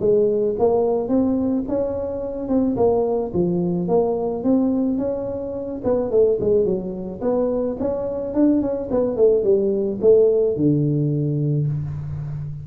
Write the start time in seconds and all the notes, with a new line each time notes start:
0.00 G#3
0.59 A#3
1.08 C4
1.68 C#4
2.48 C4
2.77 A#3
3.33 F3
3.88 A#3
4.43 C4
4.98 C#4
5.84 B3
6.11 A3
6.40 G#3
6.65 F#3
7.21 B3
7.80 C#4
8.34 D4
8.61 C#4
8.91 B3
9.16 A3
9.43 G3
10.01 A3
10.56 D3